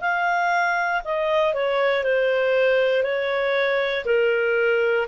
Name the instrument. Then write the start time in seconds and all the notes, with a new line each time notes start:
clarinet
0.00 F5
1.04 D#5
1.54 C#5
2.03 C5
3.03 C#5
4.05 A#4